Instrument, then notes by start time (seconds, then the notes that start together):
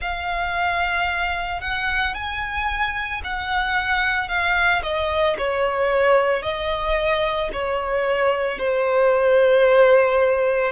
violin
0.01 F5
1.61 F#5
2.14 G#5
3.24 F#5
4.28 F5
4.83 D#5
5.38 C#5
6.42 D#5
7.52 C#5
8.58 C5